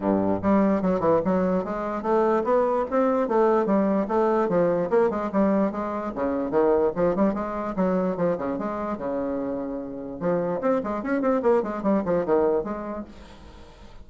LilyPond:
\new Staff \with { instrumentName = "bassoon" } { \time 4/4 \tempo 4 = 147 g,4 g4 fis8 e8 fis4 | gis4 a4 b4 c'4 | a4 g4 a4 f4 | ais8 gis8 g4 gis4 cis4 |
dis4 f8 g8 gis4 fis4 | f8 cis8 gis4 cis2~ | cis4 f4 c'8 gis8 cis'8 c'8 | ais8 gis8 g8 f8 dis4 gis4 | }